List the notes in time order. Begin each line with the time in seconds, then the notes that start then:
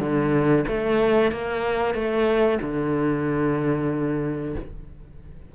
0.00 D3
0.67 A3
1.32 A#3
1.94 A3
2.61 D3